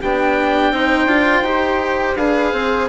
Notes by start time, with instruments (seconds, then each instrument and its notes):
0.00 bassoon B3, cello D4, flute G4, oboe G5
0.71 bassoon C4, cello D#4, flute C5
1.05 bassoon D4, cello F4
1.42 bassoon D#4, cello G4
2.16 bassoon D4, cello G#4, flute B4, oboe F5
2.52 bassoon C4, flute C5